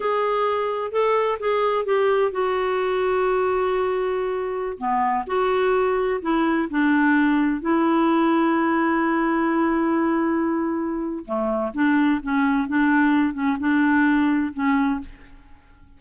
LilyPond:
\new Staff \with { instrumentName = "clarinet" } { \time 4/4 \tempo 4 = 128 gis'2 a'4 gis'4 | g'4 fis'2.~ | fis'2~ fis'16 b4 fis'8.~ | fis'4~ fis'16 e'4 d'4.~ d'16~ |
d'16 e'2.~ e'8.~ | e'1 | a4 d'4 cis'4 d'4~ | d'8 cis'8 d'2 cis'4 | }